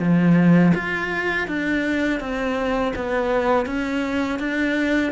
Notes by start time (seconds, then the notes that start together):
0.00 F3
0.75 F4
1.48 D4
2.20 C4
2.96 B3
3.67 C#4
4.40 D4